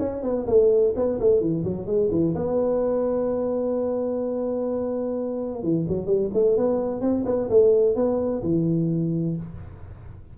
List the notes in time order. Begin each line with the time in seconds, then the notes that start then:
0.00 C#4
0.23 B3
0.47 A3
0.96 B3
1.20 A3
1.41 E3
1.65 F#3
1.87 G#3
2.12 E3
2.36 B3
5.63 E3
5.89 F#3
6.07 G3
6.34 A3
6.58 B3
7.02 C4
7.26 B3
7.50 A3
7.96 B3
8.43 E3